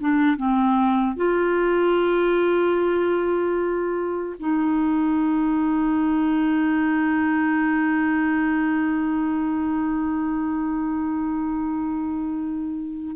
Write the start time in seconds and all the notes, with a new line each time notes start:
0.00 D4
0.37 C4
1.16 F4
4.40 D#4